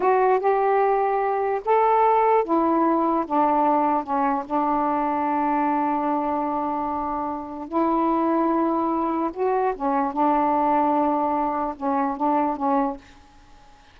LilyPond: \new Staff \with { instrumentName = "saxophone" } { \time 4/4 \tempo 4 = 148 fis'4 g'2. | a'2 e'2 | d'2 cis'4 d'4~ | d'1~ |
d'2. e'4~ | e'2. fis'4 | cis'4 d'2.~ | d'4 cis'4 d'4 cis'4 | }